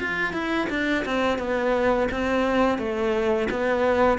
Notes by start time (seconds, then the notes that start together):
0.00 F4
0.34 E4
0.70 D4
1.05 C4
1.39 B3
2.12 C4
2.79 A3
3.51 B3